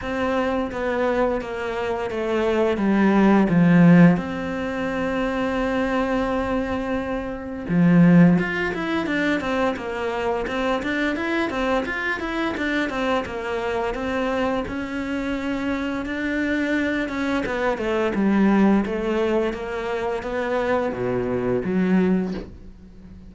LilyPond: \new Staff \with { instrumentName = "cello" } { \time 4/4 \tempo 4 = 86 c'4 b4 ais4 a4 | g4 f4 c'2~ | c'2. f4 | f'8 e'8 d'8 c'8 ais4 c'8 d'8 |
e'8 c'8 f'8 e'8 d'8 c'8 ais4 | c'4 cis'2 d'4~ | d'8 cis'8 b8 a8 g4 a4 | ais4 b4 b,4 fis4 | }